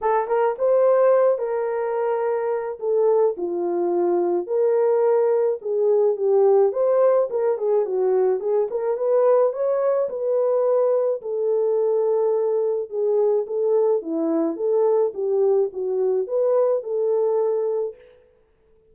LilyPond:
\new Staff \with { instrumentName = "horn" } { \time 4/4 \tempo 4 = 107 a'8 ais'8 c''4. ais'4.~ | ais'4 a'4 f'2 | ais'2 gis'4 g'4 | c''4 ais'8 gis'8 fis'4 gis'8 ais'8 |
b'4 cis''4 b'2 | a'2. gis'4 | a'4 e'4 a'4 g'4 | fis'4 b'4 a'2 | }